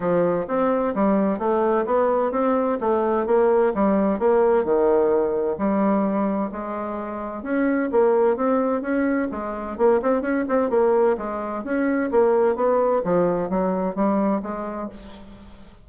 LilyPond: \new Staff \with { instrumentName = "bassoon" } { \time 4/4 \tempo 4 = 129 f4 c'4 g4 a4 | b4 c'4 a4 ais4 | g4 ais4 dis2 | g2 gis2 |
cis'4 ais4 c'4 cis'4 | gis4 ais8 c'8 cis'8 c'8 ais4 | gis4 cis'4 ais4 b4 | f4 fis4 g4 gis4 | }